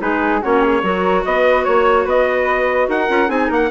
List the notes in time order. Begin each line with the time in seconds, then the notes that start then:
0.00 G#3 D#4 G#4 B4
0.41 A#3 C#4 F#4 C#5
0.61 G#4
0.82 F#3 F#4 A#4
1.25 B3 B4 D#5
1.64 A#3 C#5
2.05 B3 B4 D#5
2.88 D#4 A#4 F#5
3.08 C#4 F4
3.27 C4 D#4 G#4 G#5
3.48 A#3 A#4 F#5